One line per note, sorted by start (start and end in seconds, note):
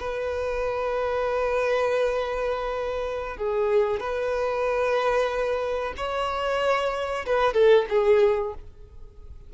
0.00 3.38 B4
3.38 4.01 G#4
4.01 5.94 B4
5.97 7.26 C#5
7.26 7.54 B4
7.54 7.86 A4
7.90 8.54 G#4